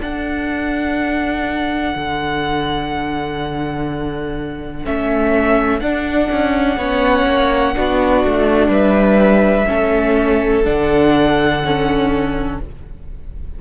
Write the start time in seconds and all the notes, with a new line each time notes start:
0.00 D4 A4 F#5
1.95 D3
4.84 A3 C#4 E5
5.80 D4 F#5
6.31 C#4
6.77 B3 C#4 C#5
7.26 A#3
7.74 B3 D4 F#4
8.24 A3
8.68 G3 B4 E5
9.67 A3 C#4 A4
10.64 D3 D4 F#5
11.64 C#4